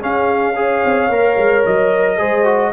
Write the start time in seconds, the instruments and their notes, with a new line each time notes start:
0.00 trombone C#4, tuba C#4, horn G#4, trumpet F5
0.55 trombone G#4, horn C#5
0.85 tuba C4
1.09 tuba A#3, trombone A#4
1.37 tuba G#3
1.65 tuba F#3, trumpet D#5
2.17 tuba G#3, trombone G#4, horn C5
2.44 trombone F#4